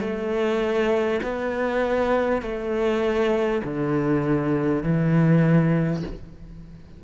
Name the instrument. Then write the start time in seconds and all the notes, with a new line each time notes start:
cello
0.00 A3
1.23 B3
2.42 A3
3.63 D3
4.83 E3